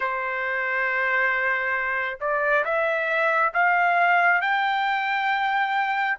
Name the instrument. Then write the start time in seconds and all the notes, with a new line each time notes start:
trumpet
0.00 C5
2.20 D5
2.64 E5
3.53 F5
4.41 G5